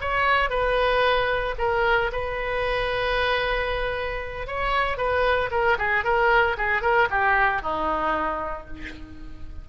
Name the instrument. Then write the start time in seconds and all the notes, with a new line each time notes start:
oboe
0.00 C#5
0.50 B4
1.58 A#4
2.12 B4
4.47 C#5
4.97 B4
5.50 A#4
5.78 G#4
6.04 A#4
6.57 G#4
6.82 A#4
7.10 G4
7.62 D#4